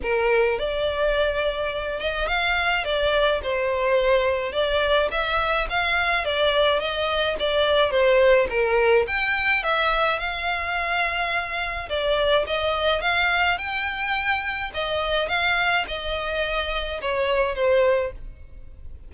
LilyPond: \new Staff \with { instrumentName = "violin" } { \time 4/4 \tempo 4 = 106 ais'4 d''2~ d''8 dis''8 | f''4 d''4 c''2 | d''4 e''4 f''4 d''4 | dis''4 d''4 c''4 ais'4 |
g''4 e''4 f''2~ | f''4 d''4 dis''4 f''4 | g''2 dis''4 f''4 | dis''2 cis''4 c''4 | }